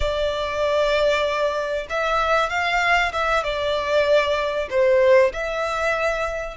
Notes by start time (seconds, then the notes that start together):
0.00 D5
1.89 E5
2.49 F5
3.12 E5
3.43 D5
4.70 C5
5.33 E5